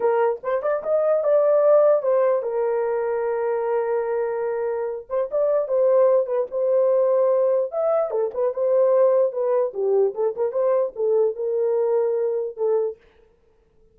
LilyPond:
\new Staff \with { instrumentName = "horn" } { \time 4/4 \tempo 4 = 148 ais'4 c''8 d''8 dis''4 d''4~ | d''4 c''4 ais'2~ | ais'1~ | ais'8 c''8 d''4 c''4. b'8 |
c''2. e''4 | a'8 b'8 c''2 b'4 | g'4 a'8 ais'8 c''4 a'4 | ais'2. a'4 | }